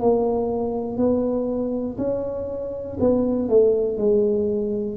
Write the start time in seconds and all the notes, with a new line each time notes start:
0.00 A#3
0.97 B3
1.97 C#4
3.00 B3
3.48 A3
3.98 G#3